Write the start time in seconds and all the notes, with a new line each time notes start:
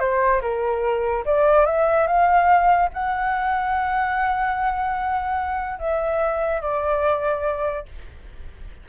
0.00 C5
0.42 A#4
1.26 D5
1.66 E5
2.07 F5
2.94 F#5
5.79 E5
6.62 D5